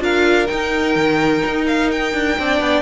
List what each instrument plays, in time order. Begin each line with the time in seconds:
0.00 cello D4, viola F4, violin A#4 F5
0.48 viola D#4, cello D#4, violin G5
0.96 cello D#3
1.46 cello D#4
1.67 violin F5
1.92 violin G5
2.14 cello D4
2.39 cello C4, viola D4, violin D5
2.61 cello B3